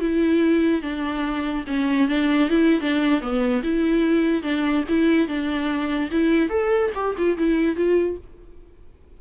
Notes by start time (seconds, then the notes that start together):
0.00 E4
0.82 D4
1.67 C#4
2.08 D4
2.49 E4
2.80 D4
3.21 B3
3.63 E4
4.43 D4
4.88 E4
5.27 D4
6.11 E4
6.49 A4
6.94 G4
7.18 F4
7.37 E4
7.75 F4